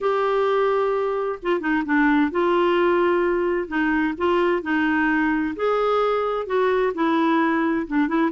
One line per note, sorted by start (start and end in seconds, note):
0.00 1.39 G4
1.42 1.60 F4
1.60 1.83 D#4
1.85 2.31 D4
2.31 3.68 F4
3.68 4.14 D#4
4.17 4.62 F4
4.62 5.54 D#4
5.56 6.46 G#4
6.46 6.92 F#4
6.94 7.86 E4
7.87 8.07 D4
8.07 8.31 E4